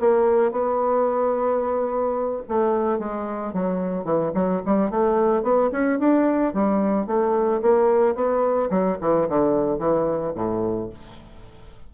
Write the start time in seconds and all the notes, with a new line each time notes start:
0.00 A#3
0.52 B3
2.48 A3
2.99 G#3
3.53 F#3
4.04 E3
4.34 F#3
4.65 G3
4.90 A3
5.42 B3
5.72 C#4
5.99 D4
6.53 G3
7.07 A3
7.62 A#3
8.15 B3
8.70 F#3
9.01 E3
9.29 D3
9.78 E3
10.35 A2